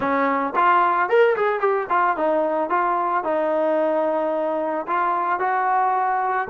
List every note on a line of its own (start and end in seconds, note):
0.00 0.53 C#4
0.55 1.09 F4
1.09 1.36 A#4
1.36 1.59 G#4
1.59 1.86 G4
1.89 2.16 F4
2.16 2.69 D#4
2.69 3.23 F4
3.24 4.86 D#4
4.87 5.39 F4
5.39 6.47 F#4